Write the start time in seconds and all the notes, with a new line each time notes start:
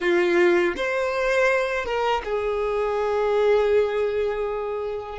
0.00 F4
0.76 C5
1.85 A#4
2.24 G#4